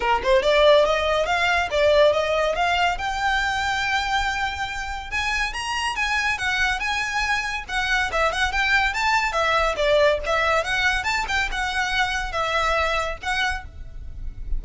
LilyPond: \new Staff \with { instrumentName = "violin" } { \time 4/4 \tempo 4 = 141 ais'8 c''8 d''4 dis''4 f''4 | d''4 dis''4 f''4 g''4~ | g''1 | gis''4 ais''4 gis''4 fis''4 |
gis''2 fis''4 e''8 fis''8 | g''4 a''4 e''4 d''4 | e''4 fis''4 a''8 g''8 fis''4~ | fis''4 e''2 fis''4 | }